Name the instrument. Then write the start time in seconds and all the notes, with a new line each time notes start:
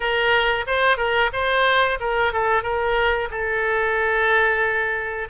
oboe
0.00 A#4
0.66 C5
0.97 A#4
1.32 C5
2.00 A#4
2.33 A4
2.62 A#4
3.30 A4